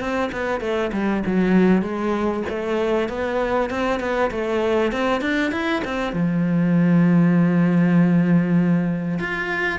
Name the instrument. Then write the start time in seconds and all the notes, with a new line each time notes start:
cello
0.00 C4
0.32 B3
0.61 A3
0.93 G3
1.26 F#3
1.82 G#3
2.49 A3
3.09 B3
3.70 C4
4.00 B3
4.31 A3
4.92 C4
5.21 D4
5.52 E4
5.84 C4
6.13 F3
9.19 F4